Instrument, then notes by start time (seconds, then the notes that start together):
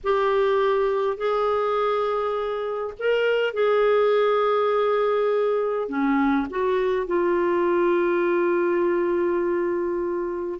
clarinet
0.03 G4
1.17 G#4
2.98 A#4
3.53 G#4
5.88 C#4
6.49 F#4
7.06 F4